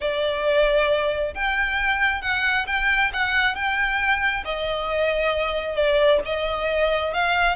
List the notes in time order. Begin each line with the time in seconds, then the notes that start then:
0.00 D5
1.34 G5
2.21 F#5
2.67 G5
3.13 F#5
3.55 G5
4.44 D#5
5.75 D5
6.25 D#5
7.13 F5